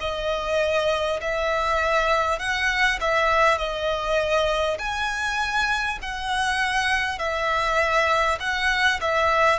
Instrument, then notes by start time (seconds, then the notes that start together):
violin
0.00 D#5
1.21 E5
2.39 F#5
3.01 E5
3.58 D#5
4.78 G#5
6.02 F#5
7.18 E5
8.40 F#5
9.01 E5